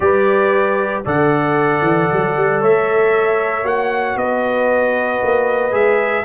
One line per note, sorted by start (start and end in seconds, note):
0.00 1.00 G3
0.00 1.04 G4
0.00 1.05 B4
0.00 1.03 D5
1.05 1.81 D3
1.05 3.63 A4
1.05 2.61 D5
1.05 2.63 F#5
1.81 2.07 E3
2.12 2.36 F#3
2.36 2.62 G3
2.61 3.63 A3
2.61 4.18 C#5
2.61 3.66 E5
3.63 4.15 A#3
3.63 5.71 F#4
3.63 4.17 F#5
4.15 5.20 B3
4.15 6.25 B4
4.15 5.73 D#5
5.23 5.72 A#3
5.71 6.25 G#3
5.71 6.23 G#4
5.71 6.25 E5